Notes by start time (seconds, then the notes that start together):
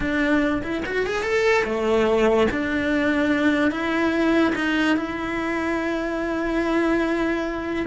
0.00 D4
0.63 E4
0.85 F#4
1.06 G#4
1.22 A4
1.64 A3
2.51 D4
3.71 E4
4.55 D#4
4.96 E4